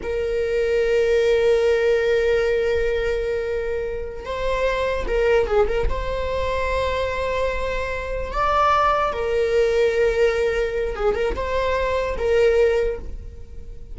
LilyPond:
\new Staff \with { instrumentName = "viola" } { \time 4/4 \tempo 4 = 148 ais'1~ | ais'1~ | ais'2~ ais'8 c''4.~ | c''8 ais'4 gis'8 ais'8 c''4.~ |
c''1~ | c''8 d''2 ais'4.~ | ais'2. gis'8 ais'8 | c''2 ais'2 | }